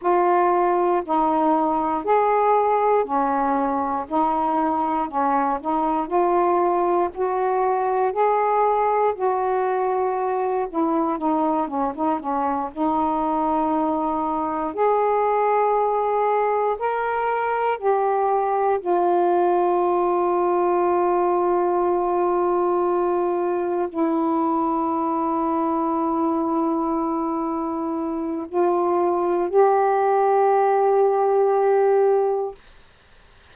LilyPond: \new Staff \with { instrumentName = "saxophone" } { \time 4/4 \tempo 4 = 59 f'4 dis'4 gis'4 cis'4 | dis'4 cis'8 dis'8 f'4 fis'4 | gis'4 fis'4. e'8 dis'8 cis'16 dis'16 | cis'8 dis'2 gis'4.~ |
gis'8 ais'4 g'4 f'4.~ | f'2.~ f'8 e'8~ | e'1 | f'4 g'2. | }